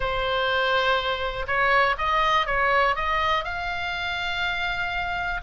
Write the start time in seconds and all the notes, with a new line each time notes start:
0.00 C5
1.47 C#5
1.98 D#5
2.46 C#5
2.95 D#5
3.44 F5